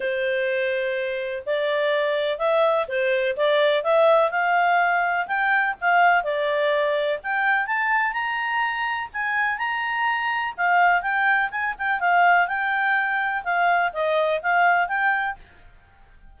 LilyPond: \new Staff \with { instrumentName = "clarinet" } { \time 4/4 \tempo 4 = 125 c''2. d''4~ | d''4 e''4 c''4 d''4 | e''4 f''2 g''4 | f''4 d''2 g''4 |
a''4 ais''2 gis''4 | ais''2 f''4 g''4 | gis''8 g''8 f''4 g''2 | f''4 dis''4 f''4 g''4 | }